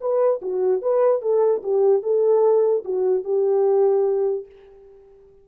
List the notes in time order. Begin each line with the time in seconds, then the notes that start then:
0.00 B4
0.41 F#4
0.81 B4
1.21 A4
1.63 G4
2.02 A4
2.84 F#4
3.24 G4